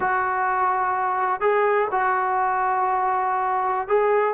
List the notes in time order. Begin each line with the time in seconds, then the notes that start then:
0.00 F#4
1.41 G#4
1.91 F#4
3.88 G#4